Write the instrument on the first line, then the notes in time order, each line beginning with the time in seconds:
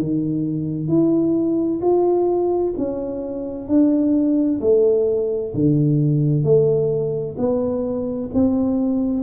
tuba
0.00 D#3
0.89 E4
1.82 F4
2.78 C#4
3.68 D4
4.61 A3
5.55 D3
6.44 A3
7.38 B3
8.34 C4